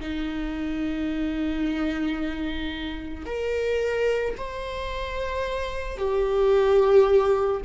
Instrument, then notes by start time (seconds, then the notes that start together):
viola
0.00 D#4
3.26 A#4
4.38 C5
5.98 G4